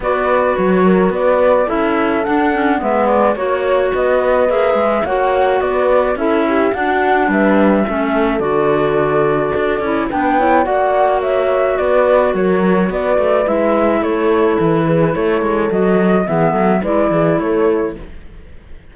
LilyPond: <<
  \new Staff \with { instrumentName = "flute" } { \time 4/4 \tempo 4 = 107 d''4 cis''4 d''4 e''4 | fis''4 e''8 d''8 cis''4 dis''4 | e''4 fis''4 d''4 e''4 | fis''4 e''2 d''4~ |
d''2 g''4 fis''4 | e''4 d''4 cis''4 d''4 | e''4 cis''4 b'4 cis''4 | dis''4 e''4 d''4 cis''4 | }
  \new Staff \with { instrumentName = "horn" } { \time 4/4 b'4. ais'8 b'4 a'4~ | a'4 b'4 cis''4 b'4~ | b'4 cis''4 b'4 a'8 g'8 | fis'4 b'4 a'2~ |
a'2 b'8 cis''8 d''4 | cis''4 b'4 ais'4 b'4~ | b'4 a'4. gis'8 a'4~ | a'4 gis'8 a'8 b'8 gis'8 a'4 | }
  \new Staff \with { instrumentName = "clarinet" } { \time 4/4 fis'2. e'4 | d'8 cis'8 b4 fis'2 | gis'4 fis'2 e'4 | d'2 cis'4 fis'4~ |
fis'4. e'8 d'8 e'8 fis'4~ | fis'1 | e'1 | fis'4 b4 e'2 | }
  \new Staff \with { instrumentName = "cello" } { \time 4/4 b4 fis4 b4 cis'4 | d'4 gis4 ais4 b4 | ais8 gis8 ais4 b4 cis'4 | d'4 g4 a4 d4~ |
d4 d'8 cis'8 b4 ais4~ | ais4 b4 fis4 b8 a8 | gis4 a4 e4 a8 gis8 | fis4 e8 fis8 gis8 e8 a4 | }
>>